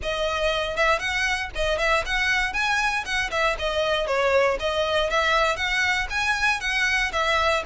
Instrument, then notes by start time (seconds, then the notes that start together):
violin
0.02 D#5
0.76 E5
0.99 F#5
1.55 D#5
1.78 E5
2.05 F#5
2.53 G#5
3.05 F#5
3.31 E5
3.58 D#5
4.07 C#5
4.59 D#5
5.10 E5
5.56 F#5
6.10 G#5
6.60 F#5
7.12 E5